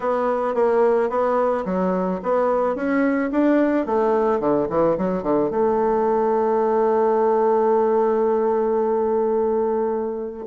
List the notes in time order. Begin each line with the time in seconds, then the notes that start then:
0.00 B3
0.54 A#3
1.09 B3
1.65 F#3
2.22 B3
2.75 C#4
3.31 D4
3.85 A3
4.39 D3
4.69 E3
4.97 F#3
5.22 D3
5.50 A3